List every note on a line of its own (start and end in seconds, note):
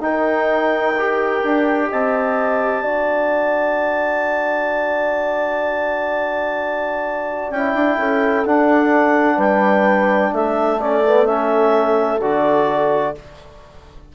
0.00 1.41 D#4
0.00 0.95 D#4
0.00 1.89 A#4
0.00 1.90 G5
0.98 2.84 G4
1.44 1.91 D4
1.89 2.83 C4
1.89 2.82 D#5
1.89 7.51 A5
2.82 7.50 D4
2.82 7.53 F#4
2.82 7.98 D5
7.50 7.73 C#4
7.50 8.45 E4
7.50 8.45 G5
7.74 7.97 D4
7.98 8.45 C#4
7.98 9.36 A4
8.45 10.80 D4
8.45 9.37 D4
8.45 9.39 F#5
9.36 10.31 G3
9.36 10.30 B4
9.36 10.33 G5
10.33 12.20 A3
10.33 13.15 A4
10.33 10.80 E5
10.80 11.04 C#4
10.80 11.26 D5
11.05 11.26 B3
11.26 12.20 C#4
11.26 12.20 E5
12.21 13.14 D3
12.21 13.15 F#4
12.21 13.15 D5